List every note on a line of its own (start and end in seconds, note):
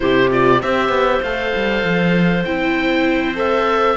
0.00 0.62 C3
0.00 0.30 E4
0.00 0.62 G4
0.00 0.30 C5
0.30 0.61 F4
0.30 0.61 D5
0.61 0.88 C4
0.61 1.23 G4
0.61 3.96 C5
0.61 1.23 E5
0.88 1.19 B3
1.22 1.52 A3
1.22 2.46 A4
1.22 2.44 F5
1.55 1.83 G3
1.83 2.44 F3
2.44 3.96 C4
2.44 3.35 E4
2.44 3.36 G5
3.35 3.96 A4
3.35 3.96 E5